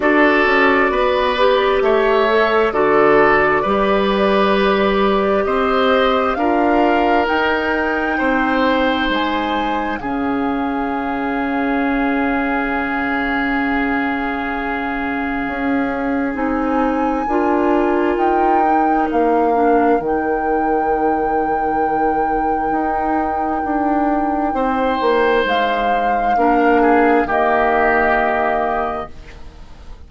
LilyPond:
<<
  \new Staff \with { instrumentName = "flute" } { \time 4/4 \tempo 4 = 66 d''2 e''4 d''4~ | d''2 dis''4 f''4 | g''2 gis''4 f''4~ | f''1~ |
f''2 gis''2 | g''4 f''4 g''2~ | g''1 | f''2 dis''2 | }
  \new Staff \with { instrumentName = "oboe" } { \time 4/4 a'4 b'4 cis''4 a'4 | b'2 c''4 ais'4~ | ais'4 c''2 gis'4~ | gis'1~ |
gis'2. ais'4~ | ais'1~ | ais'2. c''4~ | c''4 ais'8 gis'8 g'2 | }
  \new Staff \with { instrumentName = "clarinet" } { \time 4/4 fis'4. g'4 a'8 fis'4 | g'2. f'4 | dis'2. cis'4~ | cis'1~ |
cis'2 dis'4 f'4~ | f'8 dis'4 d'8 dis'2~ | dis'1~ | dis'4 d'4 ais2 | }
  \new Staff \with { instrumentName = "bassoon" } { \time 4/4 d'8 cis'8 b4 a4 d4 | g2 c'4 d'4 | dis'4 c'4 gis4 cis4~ | cis1~ |
cis4 cis'4 c'4 d'4 | dis'4 ais4 dis2~ | dis4 dis'4 d'4 c'8 ais8 | gis4 ais4 dis2 | }
>>